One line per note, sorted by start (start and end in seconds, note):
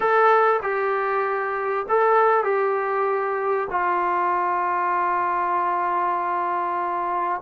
0.00 0.60 A4
0.62 1.86 G4
1.89 2.43 A4
2.43 3.67 G4
3.70 7.41 F4